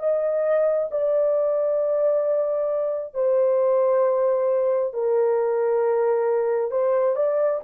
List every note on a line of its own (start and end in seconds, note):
0.00 0.90 D#5
0.91 3.15 D5
3.15 4.94 C5
4.94 6.71 A#4
6.71 7.16 C5
7.16 7.61 D5